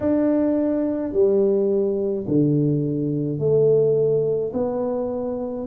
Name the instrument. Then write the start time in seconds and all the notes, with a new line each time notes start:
tuba
0.00 D4
1.13 G3
2.27 D3
3.38 A3
4.53 B3